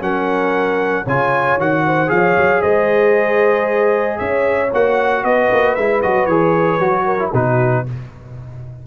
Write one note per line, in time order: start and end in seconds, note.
0.00 1.05 F#3
0.00 1.04 C#4
0.00 1.04 A#4
0.00 1.06 F#5
1.04 1.57 C#3
1.04 1.59 F4
1.04 1.82 C#5
1.04 1.59 G#5
1.57 2.09 D#3
1.57 2.07 F#4
1.57 2.09 F#5
1.86 2.12 C5
2.07 2.36 F3
2.07 4.68 G#4
2.07 2.61 F5
2.13 2.61 C#5
2.37 2.63 F#3
2.61 4.20 G#3
2.61 4.17 C5
2.61 4.18 D#5
4.18 4.72 C#4
4.18 5.23 C#5
4.18 4.70 E5
4.73 5.23 A#3
4.73 5.77 F#4
4.73 5.24 F#5
5.23 5.49 B3
5.23 7.05 B4
5.23 5.75 D#5
5.51 5.77 A#3
5.75 6.03 G#3
5.75 6.03 E4
5.75 6.01 E5
6.01 6.26 F#3
6.01 6.29 F#4
6.01 6.25 D#5
6.25 6.78 E3
6.25 6.80 G#4
6.25 7.30 C#5
6.78 7.31 F#3
6.78 7.18 F#4
7.05 7.31 A#4
7.18 7.31 E4
7.33 7.85 B2
7.33 7.85 D#4
7.33 7.85 F#4
7.33 7.86 B4